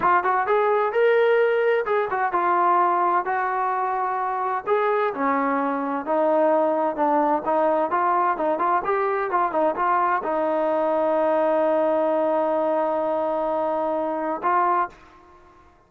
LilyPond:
\new Staff \with { instrumentName = "trombone" } { \time 4/4 \tempo 4 = 129 f'8 fis'8 gis'4 ais'2 | gis'8 fis'8 f'2 fis'4~ | fis'2 gis'4 cis'4~ | cis'4 dis'2 d'4 |
dis'4 f'4 dis'8 f'8 g'4 | f'8 dis'8 f'4 dis'2~ | dis'1~ | dis'2. f'4 | }